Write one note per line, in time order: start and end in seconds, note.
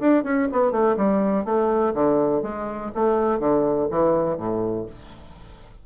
0.00 0.24 D4
0.24 0.48 C#4
0.52 0.72 B3
0.72 0.96 A3
0.97 1.45 G3
1.45 1.94 A3
1.94 2.43 D3
2.43 2.91 G#3
2.95 3.39 A3
3.39 3.88 D3
3.91 4.37 E3
4.37 4.86 A2